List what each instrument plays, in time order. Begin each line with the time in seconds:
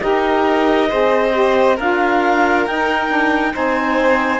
0.00 cello D#4, saxophone G4, violin A#4, clarinet D#5
0.88 cello C4, saxophone G#4, violin C5
1.31 saxophone G4
1.76 cello D4, saxophone F4, violin A#4, clarinet F5
2.66 cello D#4, saxophone D#4, clarinet G5
3.08 saxophone D4
3.51 cello C4, saxophone D#4, violin C5, clarinet G#5